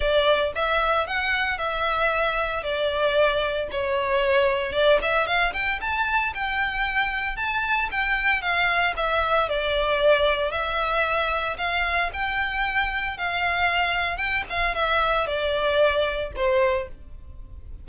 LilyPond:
\new Staff \with { instrumentName = "violin" } { \time 4/4 \tempo 4 = 114 d''4 e''4 fis''4 e''4~ | e''4 d''2 cis''4~ | cis''4 d''8 e''8 f''8 g''8 a''4 | g''2 a''4 g''4 |
f''4 e''4 d''2 | e''2 f''4 g''4~ | g''4 f''2 g''8 f''8 | e''4 d''2 c''4 | }